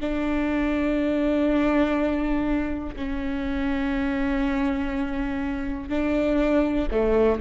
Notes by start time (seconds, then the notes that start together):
0.00 D4
2.96 C#4
5.89 D4
6.91 A3